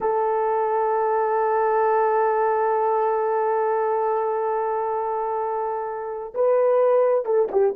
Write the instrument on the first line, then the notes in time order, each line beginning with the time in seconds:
horn
0.00 A4
6.34 B4
7.25 A4
7.51 G4